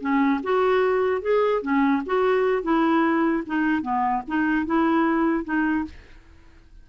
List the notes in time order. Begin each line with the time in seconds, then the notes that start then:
0.00 C#4
0.43 F#4
1.21 G#4
1.61 C#4
2.06 F#4
2.62 E4
3.46 D#4
3.81 B3
4.27 D#4
4.65 E4
5.44 D#4